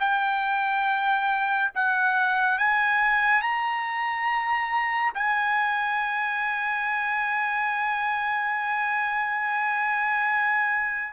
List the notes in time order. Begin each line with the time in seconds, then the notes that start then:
0.00 G5
1.75 F#5
2.58 G#5
3.42 A#5
5.15 G#5